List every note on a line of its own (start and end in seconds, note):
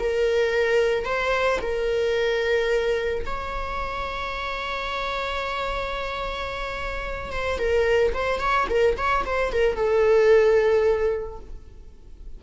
0.00 1.05 A#4
1.05 1.60 C5
1.62 3.25 A#4
3.26 7.33 C#5
7.33 7.59 C5
7.59 8.13 A#4
8.14 8.40 C5
8.40 8.68 C#5
8.70 8.97 A#4
8.98 9.25 C#5
9.26 9.53 C5
9.53 9.76 A#4
9.76 11.40 A4